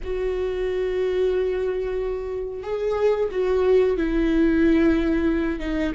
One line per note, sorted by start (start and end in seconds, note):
0.03 2.63 F#4
2.63 3.29 G#4
3.31 3.97 F#4
3.97 5.59 E4
5.59 5.92 D#4